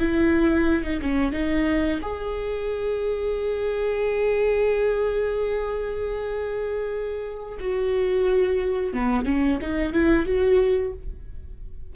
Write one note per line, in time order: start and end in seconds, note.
0.00 0.84 E4
0.84 1.01 D#4
1.02 1.33 C#4
1.33 2.00 D#4
2.02 7.58 G#4
7.60 8.94 F#4
8.94 9.26 B3
9.26 9.59 C#4
9.62 9.93 D#4
9.93 10.26 E4
10.26 10.94 F#4